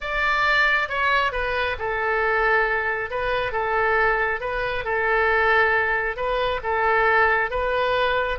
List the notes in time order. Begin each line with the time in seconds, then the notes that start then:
0.00 D5
0.88 C#5
1.32 B4
1.78 A4
3.10 B4
3.52 A4
4.40 B4
4.84 A4
6.16 B4
6.63 A4
7.50 B4